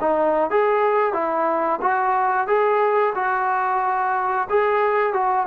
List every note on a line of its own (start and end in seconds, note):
0.00 0.50 D#4
0.50 1.13 G#4
1.13 1.79 E4
1.81 2.47 F#4
2.47 3.13 G#4
3.15 4.48 F#4
4.49 5.13 G#4
5.13 5.46 F#4